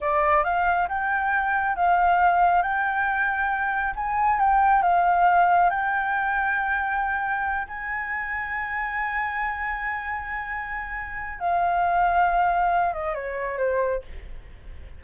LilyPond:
\new Staff \with { instrumentName = "flute" } { \time 4/4 \tempo 4 = 137 d''4 f''4 g''2 | f''2 g''2~ | g''4 gis''4 g''4 f''4~ | f''4 g''2.~ |
g''4. gis''2~ gis''8~ | gis''1~ | gis''2 f''2~ | f''4. dis''8 cis''4 c''4 | }